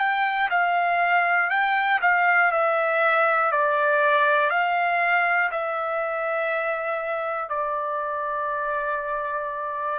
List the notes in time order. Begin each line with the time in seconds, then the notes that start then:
0.00 G5
0.51 F5
1.50 G5
2.02 F5
2.52 E5
3.52 D5
4.51 F5
5.51 E5
7.50 D5